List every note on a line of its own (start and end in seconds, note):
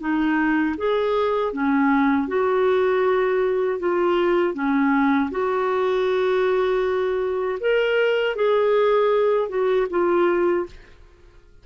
0.00 0.76 D#4
0.77 1.53 G#4
1.53 2.28 C#4
2.28 3.79 F#4
3.79 4.54 F4
4.54 5.30 C#4
5.31 7.59 F#4
7.60 8.36 A#4
8.36 9.49 G#4
9.49 9.87 F#4
9.90 10.66 F4